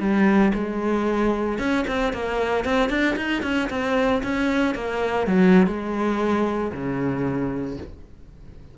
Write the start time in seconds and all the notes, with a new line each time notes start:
0.00 G3
0.55 G#3
1.59 C#4
1.88 C4
2.13 A#3
2.65 C4
2.90 D4
3.17 D#4
3.43 C#4
3.70 C4
4.23 C#4
4.75 A#3
5.28 F#3
5.67 G#3
6.73 C#3